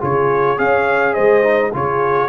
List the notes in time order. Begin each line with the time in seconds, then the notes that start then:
0.00 C#3 F4 G#4 C#5
0.57 C#4 G#4 C#5 F5
1.13 G#3 C5 D#5
1.43 D#4
1.72 C#3 F4 G#4 C#5